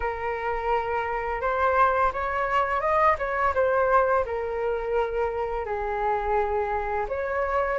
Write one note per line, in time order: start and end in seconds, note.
0.00 1.41 A#4
1.41 2.11 C5
2.12 2.80 C#5
2.80 3.16 D#5
3.18 3.53 C#5
3.54 4.24 C5
4.25 5.65 A#4
5.65 7.06 G#4
7.08 7.78 C#5